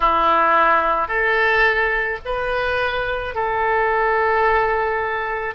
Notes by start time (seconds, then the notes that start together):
0.00 E4
1.08 A4
2.25 B4
3.34 A4